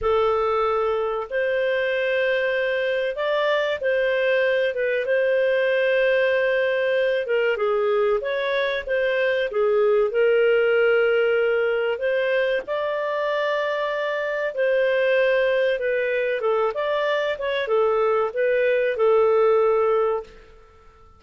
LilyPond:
\new Staff \with { instrumentName = "clarinet" } { \time 4/4 \tempo 4 = 95 a'2 c''2~ | c''4 d''4 c''4. b'8 | c''2.~ c''8 ais'8 | gis'4 cis''4 c''4 gis'4 |
ais'2. c''4 | d''2. c''4~ | c''4 b'4 a'8 d''4 cis''8 | a'4 b'4 a'2 | }